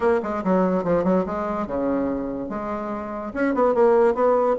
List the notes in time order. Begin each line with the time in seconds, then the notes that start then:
0.00 A#3
0.22 G#3
0.44 F#3
0.84 F3
1.04 F#3
1.26 G#3
1.66 C#3
2.49 G#3
3.33 C#4
3.54 B3
3.74 A#3
4.14 B3